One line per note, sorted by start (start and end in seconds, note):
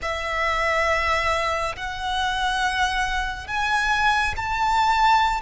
0.02 1.75 E5
1.76 3.47 F#5
3.47 4.34 G#5
4.36 5.41 A5